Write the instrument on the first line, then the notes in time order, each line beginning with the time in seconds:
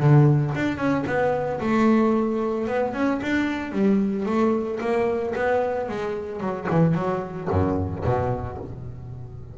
double bass
0.00 D3
0.56 D4
0.78 C#4
1.07 B3
1.61 A3
2.68 B3
2.94 C#4
3.23 D4
3.73 G3
4.26 A3
4.81 A#3
5.35 B3
5.89 G#3
6.41 F#3
6.70 E3
6.95 F#3
7.50 F#2
8.05 B2